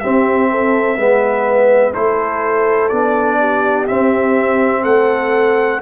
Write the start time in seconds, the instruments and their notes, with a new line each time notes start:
0.00 trombone C4, tuba C4, horn G4, trumpet E5
0.51 horn A4
0.97 tuba G#3, trombone B3, horn B4
1.93 tuba A3, trombone E4, horn A4, trumpet C5
2.89 tuba B3, trombone D4, trumpet D5
3.40 horn G4
3.87 trombone C4, tuba C4, trumpet E5
4.83 tuba A3, horn A4, trumpet F#5